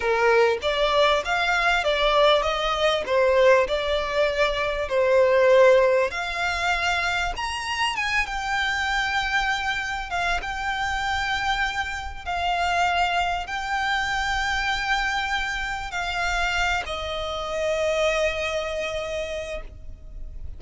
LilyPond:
\new Staff \with { instrumentName = "violin" } { \time 4/4 \tempo 4 = 98 ais'4 d''4 f''4 d''4 | dis''4 c''4 d''2 | c''2 f''2 | ais''4 gis''8 g''2~ g''8~ |
g''8 f''8 g''2. | f''2 g''2~ | g''2 f''4. dis''8~ | dis''1 | }